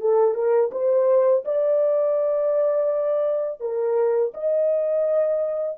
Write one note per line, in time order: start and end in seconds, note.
0.00 0.34 A4
0.34 0.70 A#4
0.71 1.44 C5
1.44 3.60 D5
3.60 4.32 A#4
4.34 5.78 D#5